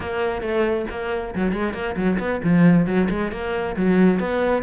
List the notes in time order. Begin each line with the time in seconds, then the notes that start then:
0.00 A#3
0.41 A3
0.90 A#3
1.35 F#3
1.52 G#3
1.73 A#3
1.96 F#3
2.19 B3
2.43 F3
2.86 F#3
3.09 G#3
3.31 A#3
3.76 F#3
4.19 B3